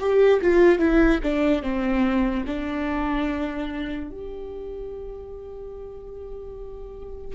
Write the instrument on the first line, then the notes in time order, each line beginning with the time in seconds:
viola
0.00 G4
0.42 F4
0.79 E4
1.23 D4
1.63 C4
2.47 D4
4.11 G4